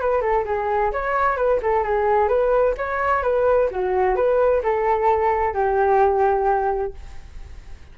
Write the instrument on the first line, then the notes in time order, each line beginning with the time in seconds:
flute
0.00 B4
0.21 A4
0.45 G#4
0.92 C#5
1.36 B4
1.62 A4
1.83 G#4
2.28 B4
2.77 C#5
3.22 B4
3.70 F#4
4.15 B4
4.63 A4
5.53 G4